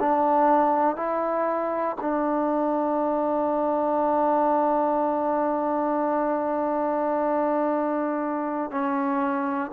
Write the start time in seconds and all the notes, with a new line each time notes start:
0.00 D4
0.96 E4
2.01 D4
8.71 C#4